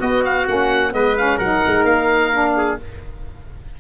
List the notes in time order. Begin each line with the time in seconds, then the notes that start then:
0.00 B3 F#4 D#5
0.25 F5
0.47 A#3 C#4 F#5
0.92 G#3 B3 B4 D#5
1.17 C#4 F5
1.38 F#3 D#4 A#4 F#5
1.67 G#3
1.84 A#3 F5
2.33 D4
2.57 G#4